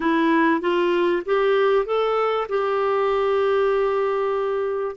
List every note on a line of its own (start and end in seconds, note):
0.00 0.60 E4
0.60 1.22 F4
1.25 1.85 G4
1.85 2.47 A4
2.48 4.96 G4